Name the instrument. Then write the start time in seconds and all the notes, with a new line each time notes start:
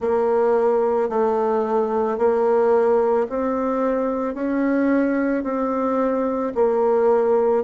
bassoon
0.00 A#3
1.09 A3
2.18 A#3
3.29 C4
4.34 C#4
5.43 C4
6.55 A#3